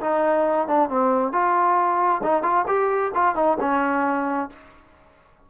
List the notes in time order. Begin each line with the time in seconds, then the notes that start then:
0.00 D#4
0.67 D4
0.89 C4
1.32 F4
2.23 D#4
2.43 F4
2.67 G4
3.14 F4
3.35 D#4
3.60 C#4